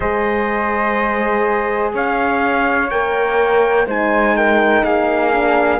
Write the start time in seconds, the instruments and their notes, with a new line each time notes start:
0.00 cello G#3, horn G#4, flute C5, trumpet D#5
1.94 cello C#4, flute C#5, trumpet F5
2.90 cello A#3, horn A#4, trumpet G5
3.86 cello G#3, horn D#4, flute C5, trumpet G#5
4.36 flute A#4, trumpet G5
4.83 cello A#3, flute G#4, trumpet F5
5.31 horn D4